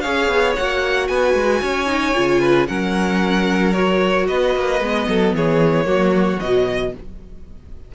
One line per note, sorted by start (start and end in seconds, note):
0.00 0.28 C#4
0.00 0.57 G#4
0.00 1.08 C#5
0.00 0.53 F5
0.28 0.55 B3
0.56 1.09 A#3
0.56 1.87 F#4
0.56 1.08 F#5
1.08 1.34 B3
1.08 1.62 B4
1.08 2.67 G#5
1.34 1.61 G#3
1.62 2.15 C#4
1.62 2.41 C#5
1.87 2.13 D#4
2.15 2.69 C#3
2.15 2.67 F4
2.41 2.67 B4
2.67 4.28 F#3
2.67 3.74 C#4
2.67 4.28 A#4
2.67 3.73 F#5
3.73 4.81 F#4
3.73 4.26 C#5
4.28 4.55 B3
4.28 5.08 B4
4.28 5.34 D#5
4.55 4.80 A#3
4.80 5.07 G#3
4.80 5.84 B3
5.08 5.34 F#3
5.08 5.36 A4
5.34 5.86 E3
5.34 5.86 G#4
5.34 6.40 C#5
5.84 6.39 F#3
5.84 6.37 A#3
5.84 6.93 F#4
6.39 6.95 B2
6.39 6.92 F#3
6.39 6.93 D#5